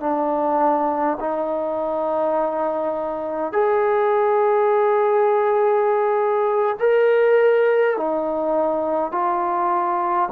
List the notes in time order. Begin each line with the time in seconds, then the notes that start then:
0.00 D4
1.20 D#4
3.52 G#4
6.80 A#4
7.97 D#4
9.11 F4